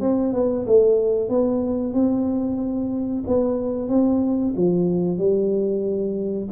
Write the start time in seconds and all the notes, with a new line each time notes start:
0.00 C4
0.33 B3
0.66 A3
1.29 B3
1.93 C4
3.27 B3
3.89 C4
4.56 F3
5.18 G3